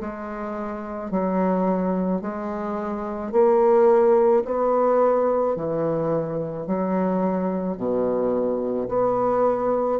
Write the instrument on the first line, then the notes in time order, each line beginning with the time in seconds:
bassoon
0.00 G#3
1.10 F#3
2.21 G#3
3.32 A#3
4.44 B3
5.56 E3
6.67 F#3
7.77 B2
8.88 B3